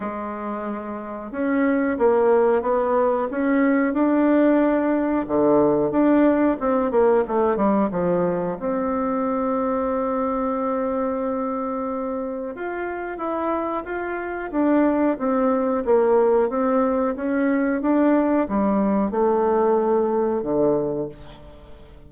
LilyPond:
\new Staff \with { instrumentName = "bassoon" } { \time 4/4 \tempo 4 = 91 gis2 cis'4 ais4 | b4 cis'4 d'2 | d4 d'4 c'8 ais8 a8 g8 | f4 c'2.~ |
c'2. f'4 | e'4 f'4 d'4 c'4 | ais4 c'4 cis'4 d'4 | g4 a2 d4 | }